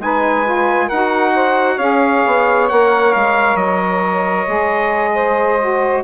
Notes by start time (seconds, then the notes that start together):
0.00 G#3 D#4 B4 G#5
0.45 F4
0.86 D#4 A#4 F#5
0.93 F#4
1.35 C5
1.76 C#4 G#4 C#5 F5
2.26 B3
2.69 A#3 A#4 F#5
3.14 G#3 F5
3.56 F#3 D#5
4.47 G#3 G#4
5.14 C5
5.60 F#4